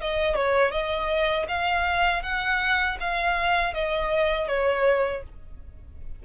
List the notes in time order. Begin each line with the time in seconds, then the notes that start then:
0.00 D#5
0.35 C#5
0.71 D#5
1.48 F5
2.22 F#5
3.00 F5
3.73 D#5
4.48 C#5